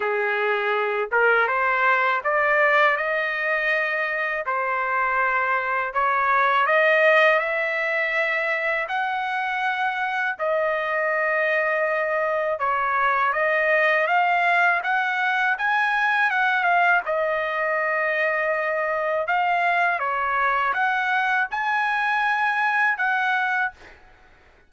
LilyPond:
\new Staff \with { instrumentName = "trumpet" } { \time 4/4 \tempo 4 = 81 gis'4. ais'8 c''4 d''4 | dis''2 c''2 | cis''4 dis''4 e''2 | fis''2 dis''2~ |
dis''4 cis''4 dis''4 f''4 | fis''4 gis''4 fis''8 f''8 dis''4~ | dis''2 f''4 cis''4 | fis''4 gis''2 fis''4 | }